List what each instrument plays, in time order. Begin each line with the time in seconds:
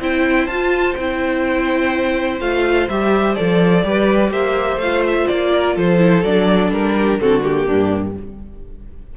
0.00 cello C4, viola E4, violin C5 G5
0.47 cello F4, viola F4, violin A5
0.95 cello C4, viola E4, violin G5
2.41 cello A3, viola F4, violin F5
2.89 cello G3, viola G4, violin E5
3.35 cello F3, viola A4, violin D5
3.84 cello G3, viola G4, violin B4
4.31 cello A#3, violin C5 E5
4.77 cello A3, violin F5
4.83 viola F4
5.07 violin E5
5.28 cello A#3, violin D5
5.53 violin A#4
5.75 cello F3, violin A4 C5
5.99 viola E4
6.24 cello F#3, viola D4, violin D5
6.71 cello G3, violin A#4
6.96 violin G4
7.20 cello D3, viola C4, violin F#4 A4
7.41 viola A#3, violin G4
7.66 cello G2, violin D4